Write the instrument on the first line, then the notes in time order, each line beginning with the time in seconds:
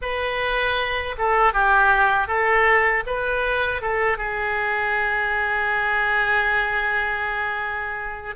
oboe
0.01 B4
1.18 A4
1.53 G4
2.27 A4
3.06 B4
3.81 A4
4.17 G#4